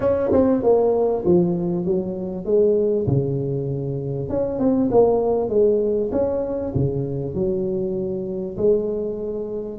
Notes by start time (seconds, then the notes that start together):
0.00 C#4
0.32 C4
0.62 A#3
1.25 F3
1.85 F#3
2.45 G#3
3.06 C#3
4.29 C#4
4.59 C4
4.91 A#3
5.49 G#3
6.11 C#4
6.75 C#3
7.34 F#3
8.57 G#3